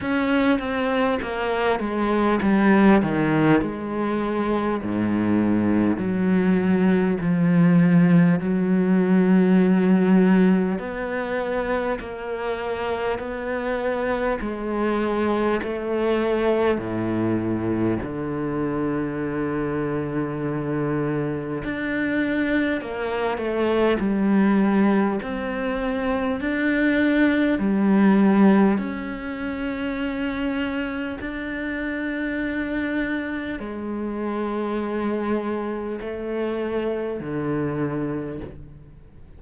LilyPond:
\new Staff \with { instrumentName = "cello" } { \time 4/4 \tempo 4 = 50 cis'8 c'8 ais8 gis8 g8 dis8 gis4 | gis,4 fis4 f4 fis4~ | fis4 b4 ais4 b4 | gis4 a4 a,4 d4~ |
d2 d'4 ais8 a8 | g4 c'4 d'4 g4 | cis'2 d'2 | gis2 a4 d4 | }